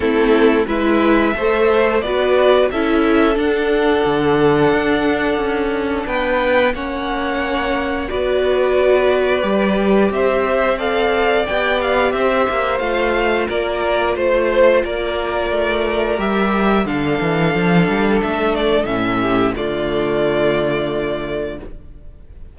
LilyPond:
<<
  \new Staff \with { instrumentName = "violin" } { \time 4/4 \tempo 4 = 89 a'4 e''2 d''4 | e''4 fis''2.~ | fis''4 g''4 fis''2 | d''2. e''4 |
f''4 g''8 f''8 e''4 f''4 | d''4 c''4 d''2 | e''4 f''2 e''8 d''8 | e''4 d''2. | }
  \new Staff \with { instrumentName = "violin" } { \time 4/4 e'4 b'4 c''4 b'4 | a'1~ | a'4 b'4 cis''2 | b'2. c''4 |
d''2 c''2 | ais'4 c''4 ais'2~ | ais'4 a'2.~ | a'8 g'8 f'2. | }
  \new Staff \with { instrumentName = "viola" } { \time 4/4 c'4 e'4 a'4 fis'4 | e'4 d'2.~ | d'2 cis'2 | fis'2 g'2 |
a'4 g'2 f'4~ | f'1 | g'4 d'2. | cis'4 a2. | }
  \new Staff \with { instrumentName = "cello" } { \time 4/4 a4 gis4 a4 b4 | cis'4 d'4 d4 d'4 | cis'4 b4 ais2 | b2 g4 c'4~ |
c'4 b4 c'8 ais8 a4 | ais4 a4 ais4 a4 | g4 d8 e8 f8 g8 a4 | a,4 d2. | }
>>